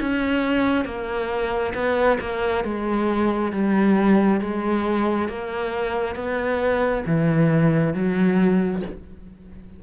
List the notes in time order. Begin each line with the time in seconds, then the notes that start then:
0.00 C#4
0.85 A#3
1.74 B3
2.20 A#3
2.64 G#3
3.52 G3
4.40 G#3
5.29 A#3
6.15 B3
7.06 E3
7.94 F#3